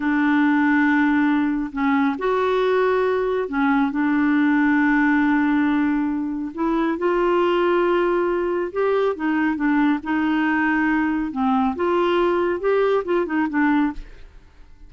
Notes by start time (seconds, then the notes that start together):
0.00 D4
1.72 C#4
2.18 F#4
3.48 C#4
3.91 D4
6.54 E4
6.98 F4
8.72 G4
9.15 D#4
9.55 D4
10.03 D#4
11.31 C4
11.75 F4
12.60 G4
13.04 F4
13.25 D#4
13.49 D4